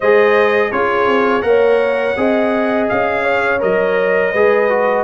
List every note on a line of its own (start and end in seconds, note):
0.00 0.72 G#3
0.00 0.72 G#4
0.00 0.72 C5
0.00 0.71 D#5
0.71 1.08 C#4
0.71 1.41 F4
0.71 1.46 G#4
0.71 1.41 C#5
1.08 1.42 C4
1.41 2.14 A#3
1.41 2.14 A#4
1.41 2.18 C#5
1.41 2.86 F#5
2.17 2.89 C4
2.17 3.59 G#4
2.17 3.23 D#5
2.88 3.62 C#4
2.88 3.61 F5
3.23 4.31 C#5
3.59 4.34 F#3
3.59 4.31 A#4
3.59 5.04 D#5
4.32 5.04 G#3
4.32 4.69 G#4
4.32 5.04 B4
4.69 5.04 F#4